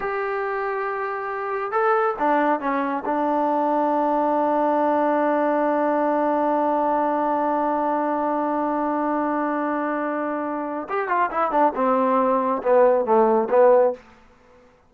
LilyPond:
\new Staff \with { instrumentName = "trombone" } { \time 4/4 \tempo 4 = 138 g'1 | a'4 d'4 cis'4 d'4~ | d'1~ | d'1~ |
d'1~ | d'1~ | d'4 g'8 f'8 e'8 d'8 c'4~ | c'4 b4 a4 b4 | }